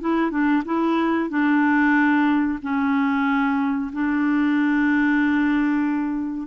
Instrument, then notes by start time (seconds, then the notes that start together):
clarinet
0.00 E4
0.30 D4
0.65 E4
1.29 D4
2.62 C#4
3.92 D4